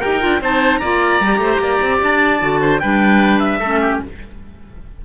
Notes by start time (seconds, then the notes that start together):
0.00 D#4 G4 A#4 G5
0.20 D4 F4
0.41 C4 D#4 C5 A5
0.78 A#3 F4 D5 A#5
1.20 G3 G4
1.38 A3 C5
1.59 A#3 D5
1.82 C4
2.02 D4 A5
2.40 D3 F#4
2.61 C5
2.80 G3 D4 B4 G5
3.39 E5
3.59 A3 C#4 A4
3.81 G4